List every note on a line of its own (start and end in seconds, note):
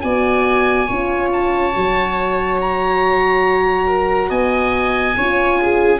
0.00 0.89 B3
0.00 0.88 F#4
0.00 0.87 D5
0.00 1.29 G#5
0.87 1.75 C#4
0.87 1.72 F4
0.87 3.87 C#5
1.32 2.61 A5
1.72 4.30 F#3
1.72 5.15 F#4
2.61 4.30 A#5
3.87 4.29 A#4
4.29 5.15 B3
4.29 5.15 D#5
4.29 5.99 G#5
5.17 5.99 C#4
5.17 5.99 F4
5.17 5.60 C#5
5.61 5.99 G#4